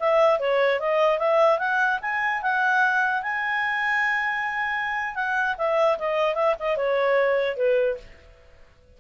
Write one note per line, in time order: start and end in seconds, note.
0.00 0.40 E5
0.40 0.80 C#5
0.80 1.19 D#5
1.19 1.59 E5
1.59 2.00 F#5
2.02 2.42 G#5
2.43 3.23 F#5
3.23 5.15 G#5
5.15 5.56 F#5
5.58 5.99 E5
5.99 6.35 D#5
6.35 6.55 E5
6.60 6.77 D#5
6.77 7.57 C#5
7.57 7.98 B4